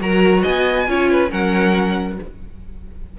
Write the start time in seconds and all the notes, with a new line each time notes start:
0.00 F#3 F#4 A#4 A#5
0.42 B3 D#5 G#5
0.88 C#4 F4 C#5
1.11 B4
1.29 F#3 C#4 A#4 F#5